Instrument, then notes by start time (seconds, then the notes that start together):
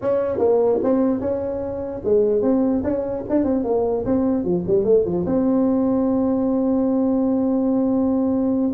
tuba
0.01 C#4
0.38 A#3
0.83 C4
1.20 C#4
2.04 G#3
2.42 C4
2.83 C#4
3.29 D4
3.43 C4
3.64 A#3
4.05 C4
4.44 F3
4.66 G3
4.84 A3
5.05 F3
5.26 C4